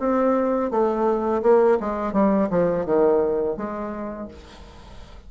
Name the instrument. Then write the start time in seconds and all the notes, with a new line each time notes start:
bassoon
0.00 C4
0.71 A3
1.43 A#3
1.81 G#3
2.13 G3
2.50 F3
2.86 D#3
3.57 G#3